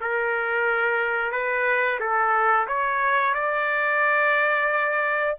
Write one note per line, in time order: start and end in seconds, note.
0.00 1.31 A#4
1.31 1.99 B4
1.99 2.67 A4
2.67 3.34 C#5
3.34 5.36 D5